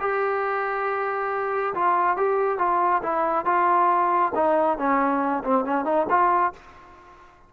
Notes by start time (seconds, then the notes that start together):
0.00 G4
1.74 F4
2.17 G4
2.58 F4
3.03 E4
3.45 F4
4.35 D#4
4.78 C#4
5.44 C4
5.65 C#4
5.85 D#4
6.09 F4